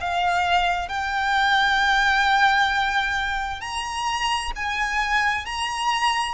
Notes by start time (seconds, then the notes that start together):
0.00 F5
0.88 G5
3.60 A#5
4.55 G#5
5.45 A#5